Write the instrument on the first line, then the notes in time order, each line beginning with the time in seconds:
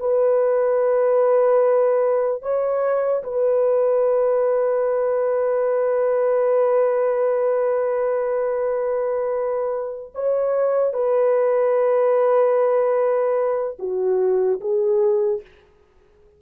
horn
0.00 B4
2.42 C#5
3.24 B4
10.15 C#5
10.94 B4
13.79 F#4
14.61 G#4